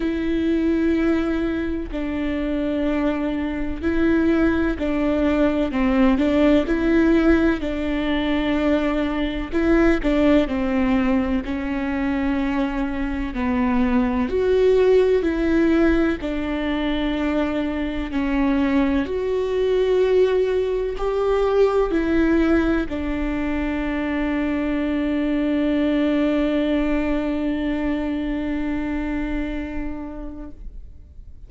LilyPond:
\new Staff \with { instrumentName = "viola" } { \time 4/4 \tempo 4 = 63 e'2 d'2 | e'4 d'4 c'8 d'8 e'4 | d'2 e'8 d'8 c'4 | cis'2 b4 fis'4 |
e'4 d'2 cis'4 | fis'2 g'4 e'4 | d'1~ | d'1 | }